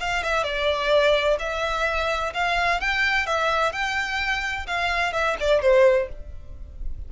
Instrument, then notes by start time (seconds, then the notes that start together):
violin
0.00 F5
0.23 E5
0.43 D5
1.39 E5
2.34 F5
2.80 G5
3.26 E5
3.72 G5
4.66 F5
5.13 E5
5.39 D5
5.61 C5